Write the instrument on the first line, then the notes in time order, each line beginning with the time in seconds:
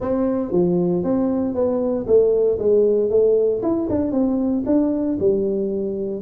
tuba
0.00 C4
0.51 F3
1.03 C4
1.54 B3
2.06 A3
2.58 G#3
3.09 A3
3.62 E4
3.89 D4
4.11 C4
4.66 D4
5.19 G3